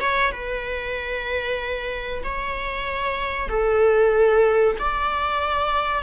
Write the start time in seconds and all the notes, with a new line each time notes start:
0.00 C#5
0.31 B4
2.23 C#5
3.49 A4
4.79 D5